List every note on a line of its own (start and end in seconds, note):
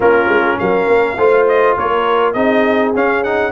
0.00 0.28 A#3
0.00 1.17 C#4
0.00 0.59 F4
0.00 0.58 A#4
0.28 0.57 G#3
0.58 0.87 F#3
0.58 1.18 A#4
0.58 1.46 F5
0.87 1.17 A#3
1.17 1.76 A3
1.17 2.35 F4
1.17 1.76 C5
1.47 1.77 D#5
1.77 2.34 A#3
1.77 2.34 A#4
1.77 2.33 C#5
2.33 2.93 C4
2.33 2.94 D#4
2.33 3.51 G#4
2.33 2.92 D#5
2.94 3.51 C#4
2.94 3.25 C#4
2.94 3.23 F5
3.23 3.51 D#4
3.23 3.51 F#5